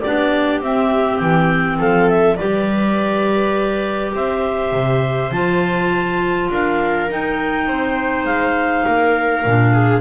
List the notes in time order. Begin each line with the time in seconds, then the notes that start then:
0.00 D4 G4 D5
0.06 B3
0.60 C4 E5
1.18 E3 G5
1.78 F3 A4 F5
2.09 E5
2.36 G3 G4 B4 D5
4.13 C4 C5 E5
4.72 C3
5.31 F3 F4 A5
6.50 D4 A#4 F5
7.09 D#4 G5
7.66 C4 C5
8.25 G#3 F5
8.85 A#3 A#4
9.45 A#2 D4
9.73 G#4